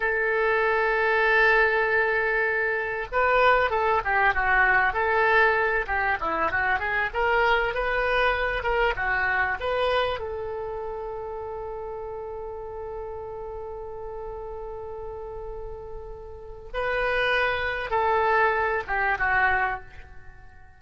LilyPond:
\new Staff \with { instrumentName = "oboe" } { \time 4/4 \tempo 4 = 97 a'1~ | a'4 b'4 a'8 g'8 fis'4 | a'4. g'8 e'8 fis'8 gis'8 ais'8~ | ais'8 b'4. ais'8 fis'4 b'8~ |
b'8 a'2.~ a'8~ | a'1~ | a'2. b'4~ | b'4 a'4. g'8 fis'4 | }